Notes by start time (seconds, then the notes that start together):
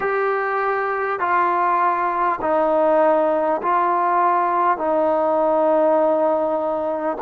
0.00 G4
1.19 F4
2.41 D#4
3.62 F4
4.77 D#4